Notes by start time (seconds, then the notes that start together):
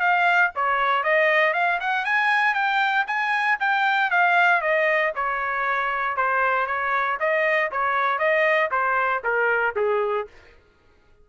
0.00 F5
0.55 C#5
1.03 D#5
1.54 F5
1.80 F#5
2.05 G#5
2.55 G5
3.07 G#5
3.60 G5
4.11 F5
4.62 D#5
5.15 C#5
6.17 C5
6.67 C#5
7.20 D#5
7.72 C#5
8.19 D#5
8.71 C5
9.24 A#4
9.76 G#4